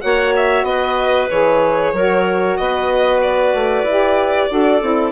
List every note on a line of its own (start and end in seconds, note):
0.00 0.63 A#3
0.00 1.28 F#4
0.00 0.66 C#5
0.00 0.33 F#5
0.36 0.64 E5
0.63 1.27 B3
0.63 1.94 B4
0.63 1.28 D#5
1.29 1.92 E3
1.29 1.95 G#4
1.29 2.56 C#5
1.92 2.56 F#3
1.92 3.86 F#4
1.92 2.58 A#4
2.56 3.53 B3
2.56 4.51 B4
2.56 3.20 D#5
3.22 5.11 D5
3.53 3.83 A3
3.83 4.47 E4
3.83 4.48 G4
4.48 4.81 D4
4.48 4.80 F#4
4.48 5.11 A4
4.81 5.11 C4
4.81 5.11 E4